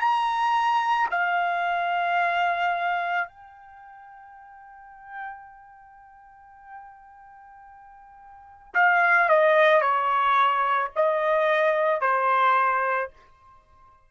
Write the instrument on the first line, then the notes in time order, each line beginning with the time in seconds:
trumpet
0.00 A#5
1.11 F5
3.29 G5
8.75 F5
9.29 D#5
9.81 C#5
10.96 D#5
12.01 C5